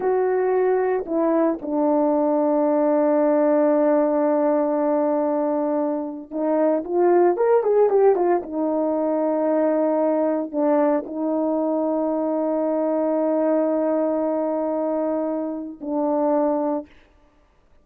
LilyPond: \new Staff \with { instrumentName = "horn" } { \time 4/4 \tempo 4 = 114 fis'2 e'4 d'4~ | d'1~ | d'1 | dis'4 f'4 ais'8 gis'8 g'8 f'8 |
dis'1 | d'4 dis'2.~ | dis'1~ | dis'2 d'2 | }